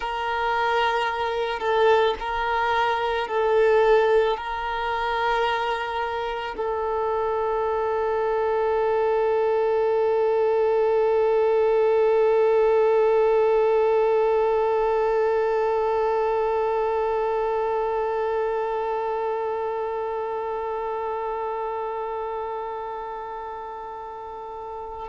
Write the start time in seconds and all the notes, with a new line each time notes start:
0.00 A#4
1.59 A4
2.19 A#4
3.28 A4
4.37 A#4
6.57 A4